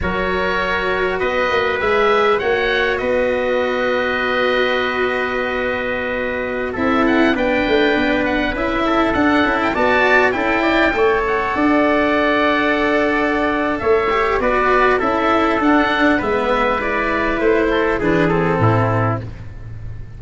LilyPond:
<<
  \new Staff \with { instrumentName = "oboe" } { \time 4/4 \tempo 4 = 100 cis''2 dis''4 e''4 | fis''4 dis''2.~ | dis''2.~ dis''16 e''8 fis''16~ | fis''16 g''4. fis''8 e''4 fis''8. |
g''16 a''4 g''4. fis''4~ fis''16~ | fis''2. e''4 | d''4 e''4 fis''4 e''4 | d''4 c''4 b'8 a'4. | }
  \new Staff \with { instrumentName = "trumpet" } { \time 4/4 ais'2 b'2 | cis''4 b'2.~ | b'2.~ b'16 a'8.~ | a'16 b'2~ b'8 a'4~ a'16~ |
a'16 d''4 a'8 d''8 cis''4 d''8.~ | d''2. cis''4 | b'4 a'2 b'4~ | b'4. a'8 gis'4 e'4 | }
  \new Staff \with { instrumentName = "cello" } { \time 4/4 fis'2. gis'4 | fis'1~ | fis'2.~ fis'16 e'8.~ | e'16 d'2 e'4 d'8 e'16~ |
e'16 fis'4 e'4 a'4.~ a'16~ | a'2.~ a'8 g'8 | fis'4 e'4 d'4 b4 | e'2 d'8 c'4. | }
  \new Staff \with { instrumentName = "tuba" } { \time 4/4 fis2 b8 ais8 gis4 | ais4 b2.~ | b2.~ b16 c'8.~ | c'16 b8 a8 b4 cis'4 d'8 cis'16~ |
cis'16 b4 cis'4 a4 d'8.~ | d'2. a4 | b4 cis'4 d'4 gis4~ | gis4 a4 e4 a,4 | }
>>